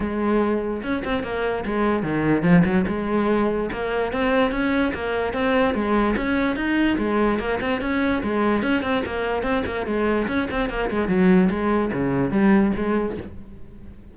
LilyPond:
\new Staff \with { instrumentName = "cello" } { \time 4/4 \tempo 4 = 146 gis2 cis'8 c'8 ais4 | gis4 dis4 f8 fis8 gis4~ | gis4 ais4 c'4 cis'4 | ais4 c'4 gis4 cis'4 |
dis'4 gis4 ais8 c'8 cis'4 | gis4 cis'8 c'8 ais4 c'8 ais8 | gis4 cis'8 c'8 ais8 gis8 fis4 | gis4 cis4 g4 gis4 | }